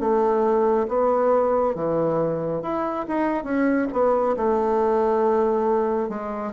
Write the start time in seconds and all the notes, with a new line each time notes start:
0.00 A3
0.89 B3
1.75 E3
2.62 E4
3.08 D#4
3.44 C#4
3.92 B3
4.37 A3
6.09 G#3